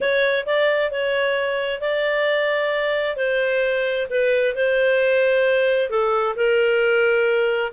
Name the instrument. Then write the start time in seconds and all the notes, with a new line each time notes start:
clarinet
0.00 C#5
0.45 D5
0.91 C#5
1.80 D5
3.16 C5
4.10 B4
4.55 C5
5.90 A4
6.36 A#4